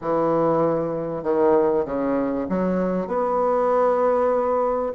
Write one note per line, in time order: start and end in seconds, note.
0.01 1.23 E3
1.23 1.85 D#3
1.85 2.47 C#3
2.49 3.07 F#3
3.07 4.93 B3